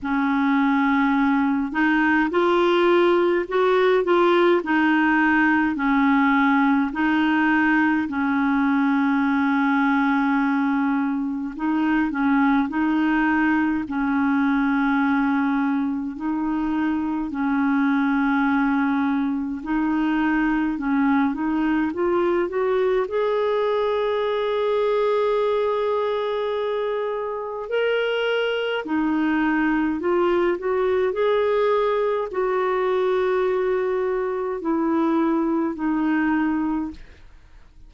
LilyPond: \new Staff \with { instrumentName = "clarinet" } { \time 4/4 \tempo 4 = 52 cis'4. dis'8 f'4 fis'8 f'8 | dis'4 cis'4 dis'4 cis'4~ | cis'2 dis'8 cis'8 dis'4 | cis'2 dis'4 cis'4~ |
cis'4 dis'4 cis'8 dis'8 f'8 fis'8 | gis'1 | ais'4 dis'4 f'8 fis'8 gis'4 | fis'2 e'4 dis'4 | }